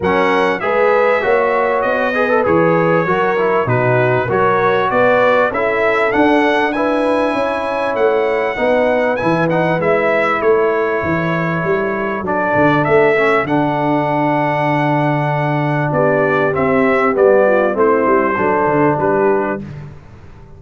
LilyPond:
<<
  \new Staff \with { instrumentName = "trumpet" } { \time 4/4 \tempo 4 = 98 fis''4 e''2 dis''4 | cis''2 b'4 cis''4 | d''4 e''4 fis''4 gis''4~ | gis''4 fis''2 gis''8 fis''8 |
e''4 cis''2. | d''4 e''4 fis''2~ | fis''2 d''4 e''4 | d''4 c''2 b'4 | }
  \new Staff \with { instrumentName = "horn" } { \time 4/4 ais'4 b'4 cis''4. b'8~ | b'4 ais'4 fis'4 ais'4 | b'4 a'2 b'4 | cis''2 b'2~ |
b'4 a'2.~ | a'1~ | a'2 g'2~ | g'8 f'8 e'4 a'4 g'4 | }
  \new Staff \with { instrumentName = "trombone" } { \time 4/4 cis'4 gis'4 fis'4. gis'16 a'16 | gis'4 fis'8 e'8 dis'4 fis'4~ | fis'4 e'4 d'4 e'4~ | e'2 dis'4 e'8 dis'8 |
e'1 | d'4. cis'8 d'2~ | d'2. c'4 | b4 c'4 d'2 | }
  \new Staff \with { instrumentName = "tuba" } { \time 4/4 fis4 gis4 ais4 b4 | e4 fis4 b,4 fis4 | b4 cis'4 d'2 | cis'4 a4 b4 e4 |
gis4 a4 e4 g4 | fis8 d8 a4 d2~ | d2 b4 c'4 | g4 a8 g8 fis8 d8 g4 | }
>>